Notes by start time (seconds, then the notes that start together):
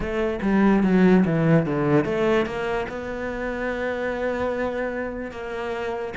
0.00 A3
0.42 G3
0.83 F#3
1.25 E3
1.65 D3
2.05 A3
2.45 A#3
2.89 B3
5.31 A#3